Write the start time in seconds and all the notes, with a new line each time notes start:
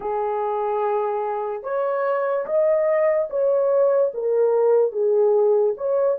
0.00 G#4
1.63 C#5
2.46 D#5
3.30 C#5
4.14 A#4
4.92 G#4
5.77 C#5